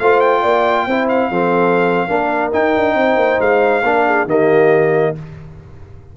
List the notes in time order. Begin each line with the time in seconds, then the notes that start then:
0.00 A3 F4 C5 F5
0.20 G5
0.41 A#3 D5
0.87 C4 E4 C5
1.09 F5
1.30 F3 C4 A4
2.08 A#3 D4 A#4
2.52 D#4 G5
2.76 D4
2.94 C4 C5
3.16 A#3
3.40 G#3 F5
3.83 A#3 D4 A#4
4.07 G#4
4.26 D#3 A#3 G4 D#5